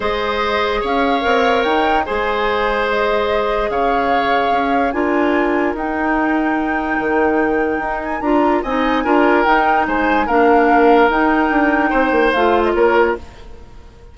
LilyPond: <<
  \new Staff \with { instrumentName = "flute" } { \time 4/4 \tempo 4 = 146 dis''2 f''2 | g''4 gis''2 dis''4~ | dis''4 f''2. | gis''2 g''2~ |
g''2.~ g''8 gis''8 | ais''4 gis''2 g''4 | gis''4 f''2 g''4~ | g''2 f''8. dis''16 cis''4 | }
  \new Staff \with { instrumentName = "oboe" } { \time 4/4 c''2 cis''2~ | cis''4 c''2.~ | c''4 cis''2. | ais'1~ |
ais'1~ | ais'4 dis''4 ais'2 | c''4 ais'2.~ | ais'4 c''2 ais'4 | }
  \new Staff \with { instrumentName = "clarinet" } { \time 4/4 gis'2. ais'4~ | ais'4 gis'2.~ | gis'1 | f'2 dis'2~ |
dis'1 | f'4 dis'4 f'4 dis'4~ | dis'4 d'2 dis'4~ | dis'2 f'2 | }
  \new Staff \with { instrumentName = "bassoon" } { \time 4/4 gis2 cis'4 c'4 | dis'4 gis2.~ | gis4 cis2 cis'4 | d'2 dis'2~ |
dis'4 dis2 dis'4 | d'4 c'4 d'4 dis'4 | gis4 ais2 dis'4 | d'4 c'8 ais8 a4 ais4 | }
>>